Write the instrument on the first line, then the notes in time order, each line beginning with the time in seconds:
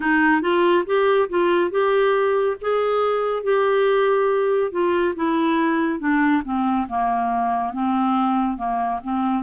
clarinet
0.00 D#4
0.41 F4
0.86 G4
1.29 F4
1.70 G4
2.61 G#4
3.43 G4
4.71 F4
5.15 E4
5.99 D4
6.44 C4
6.88 A#3
7.73 C4
8.57 A#3
9.04 C4